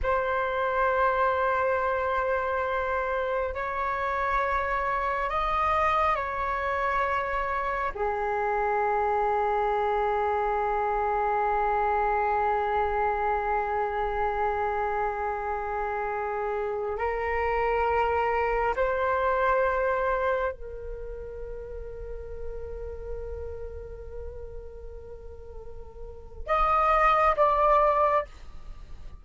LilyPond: \new Staff \with { instrumentName = "flute" } { \time 4/4 \tempo 4 = 68 c''1 | cis''2 dis''4 cis''4~ | cis''4 gis'2.~ | gis'1~ |
gis'2.~ gis'16 ais'8.~ | ais'4~ ais'16 c''2 ais'8.~ | ais'1~ | ais'2 dis''4 d''4 | }